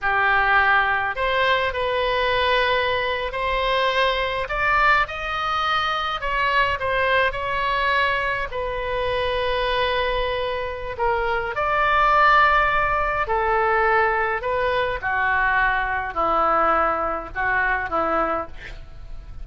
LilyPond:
\new Staff \with { instrumentName = "oboe" } { \time 4/4 \tempo 4 = 104 g'2 c''4 b'4~ | b'4.~ b'16 c''2 d''16~ | d''8. dis''2 cis''4 c''16~ | c''8. cis''2 b'4~ b'16~ |
b'2. ais'4 | d''2. a'4~ | a'4 b'4 fis'2 | e'2 fis'4 e'4 | }